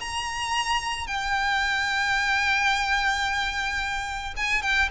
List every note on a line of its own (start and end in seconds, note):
0.00 1.07 A#5
1.07 4.34 G5
4.36 4.62 G#5
4.62 4.89 G5